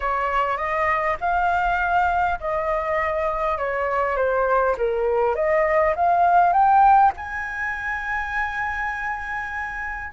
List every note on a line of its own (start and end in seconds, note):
0.00 0.57 C#5
0.57 1.16 D#5
1.20 2.39 F5
2.40 3.58 D#5
3.58 4.16 C#5
4.16 4.75 C5
4.77 5.35 A#4
5.35 5.94 D#5
5.95 6.52 F5
6.52 7.12 G5
7.17 10.12 G#5